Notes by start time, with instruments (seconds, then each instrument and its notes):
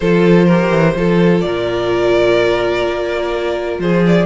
0.00 cello F3, viola F4, violin A4 C5
0.46 viola G4, violin A#4
0.70 cello E3
0.95 cello F3, viola F4, violin A4
1.40 cello A#2, violin A#4 D5
2.86 cello A#3
3.78 cello F3, violin G#4 C5
4.07 violin D5